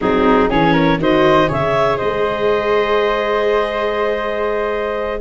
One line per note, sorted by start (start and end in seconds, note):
0.01 0.50 F#3
0.01 0.50 C4
0.01 0.49 D#4
0.01 0.49 G#4
0.49 0.97 E3
0.49 0.99 C#4
0.49 0.72 G#4
0.49 0.99 C#5
0.72 0.97 A#4
0.97 1.47 D#3
0.97 1.47 F#4
0.97 1.48 C5
0.97 1.51 D#5
1.47 2.00 C#3
1.47 5.19 G#4
1.47 1.97 C#5
1.47 1.97 E5
1.97 5.20 G#3
1.97 5.20 C5
1.97 5.20 D#5